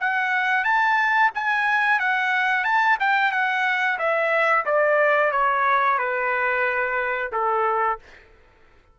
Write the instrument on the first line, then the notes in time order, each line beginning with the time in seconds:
trumpet
0.00 F#5
0.64 A5
1.34 G#5
1.99 F#5
2.64 A5
3.00 G5
3.32 F#5
3.98 E5
4.65 D5
5.31 C#5
5.98 B4
7.32 A4